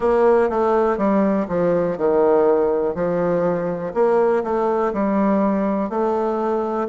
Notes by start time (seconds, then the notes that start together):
0.00 A#3
0.49 A3
0.97 G3
1.48 F3
1.97 D#3
2.94 F3
3.93 A#3
4.43 A3
4.93 G3
5.89 A3